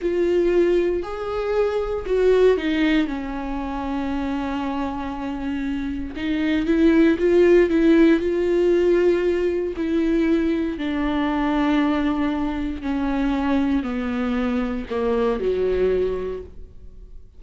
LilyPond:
\new Staff \with { instrumentName = "viola" } { \time 4/4 \tempo 4 = 117 f'2 gis'2 | fis'4 dis'4 cis'2~ | cis'1 | dis'4 e'4 f'4 e'4 |
f'2. e'4~ | e'4 d'2.~ | d'4 cis'2 b4~ | b4 ais4 fis2 | }